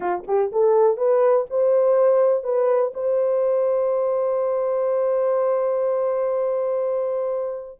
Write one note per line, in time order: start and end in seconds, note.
0.00 0.23 F4
0.27 0.51 G4
0.52 0.97 A4
0.97 1.46 B4
1.50 2.43 C5
2.43 2.92 B4
2.94 7.79 C5